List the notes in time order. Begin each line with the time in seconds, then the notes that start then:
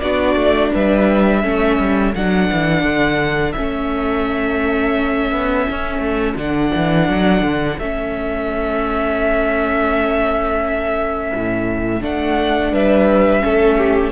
0.00 B3 D4 F#4 D5
0.35 A3
0.72 G3 B4 E5
1.42 A3 C#4 A4
1.79 G3
2.14 F#3 D4 F#5
2.52 E3
2.83 D3
3.52 A3 C#4 E5
5.31 B3
5.70 C#4
5.98 A3
6.35 D3 D4 F#5
6.75 E3
7.09 F#3
7.41 D3
7.78 A3 C#4 E5
11.34 A2
12.01 A3 D4 F#5
12.72 G3 B4 E5
13.40 A3 C#4 A4
13.77 G4